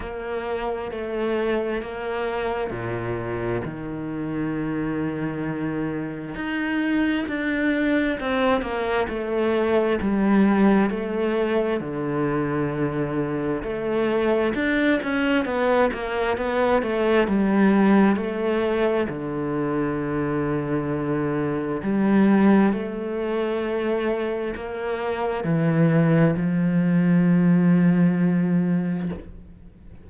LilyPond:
\new Staff \with { instrumentName = "cello" } { \time 4/4 \tempo 4 = 66 ais4 a4 ais4 ais,4 | dis2. dis'4 | d'4 c'8 ais8 a4 g4 | a4 d2 a4 |
d'8 cis'8 b8 ais8 b8 a8 g4 | a4 d2. | g4 a2 ais4 | e4 f2. | }